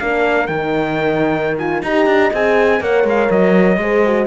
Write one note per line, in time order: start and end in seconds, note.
0.00 0.49 A#3
0.00 0.50 D4
0.00 1.84 A#4
0.00 0.47 F5
0.47 1.83 D#3
0.47 1.59 D#4
0.47 1.58 G5
1.58 1.84 F4
1.58 1.83 G#5
1.83 2.06 D#4
1.83 2.33 G4
1.83 2.82 D#5
1.83 2.34 A#5
2.06 2.31 D4
2.33 2.81 C4
2.33 2.81 G#4
2.33 2.83 G#5
2.81 3.04 A#3
2.81 3.80 A#4
2.81 3.81 C#5
2.81 3.08 F#5
3.04 3.29 G#3
3.04 3.31 F5
3.31 3.78 F#3
3.31 4.28 D#5
3.78 4.27 G#3
3.78 4.06 G#4
3.78 4.28 C5
4.06 4.28 F#4